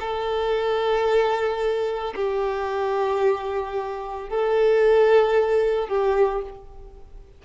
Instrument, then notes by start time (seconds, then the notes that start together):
violin
0.00 A4
2.15 G4
4.29 A4
5.88 G4